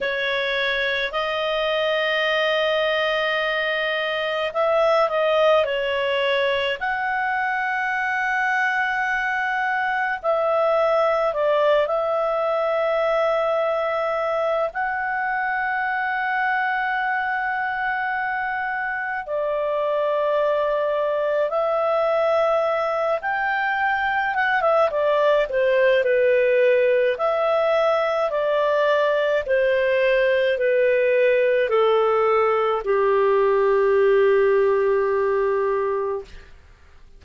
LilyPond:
\new Staff \with { instrumentName = "clarinet" } { \time 4/4 \tempo 4 = 53 cis''4 dis''2. | e''8 dis''8 cis''4 fis''2~ | fis''4 e''4 d''8 e''4.~ | e''4 fis''2.~ |
fis''4 d''2 e''4~ | e''8 g''4 fis''16 e''16 d''8 c''8 b'4 | e''4 d''4 c''4 b'4 | a'4 g'2. | }